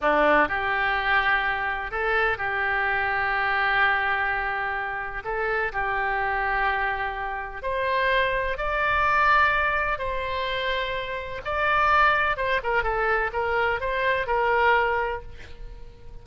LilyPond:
\new Staff \with { instrumentName = "oboe" } { \time 4/4 \tempo 4 = 126 d'4 g'2. | a'4 g'2.~ | g'2. a'4 | g'1 |
c''2 d''2~ | d''4 c''2. | d''2 c''8 ais'8 a'4 | ais'4 c''4 ais'2 | }